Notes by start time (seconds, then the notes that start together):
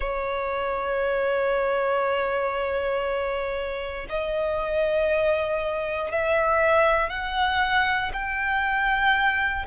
0.00 C#5
4.09 D#5
6.11 E5
7.09 F#5
8.13 G5